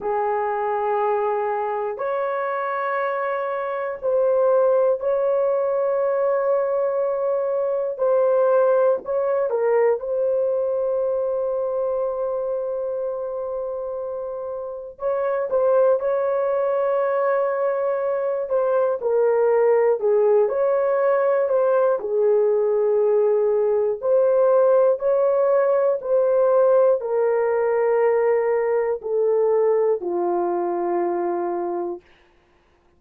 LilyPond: \new Staff \with { instrumentName = "horn" } { \time 4/4 \tempo 4 = 60 gis'2 cis''2 | c''4 cis''2. | c''4 cis''8 ais'8 c''2~ | c''2. cis''8 c''8 |
cis''2~ cis''8 c''8 ais'4 | gis'8 cis''4 c''8 gis'2 | c''4 cis''4 c''4 ais'4~ | ais'4 a'4 f'2 | }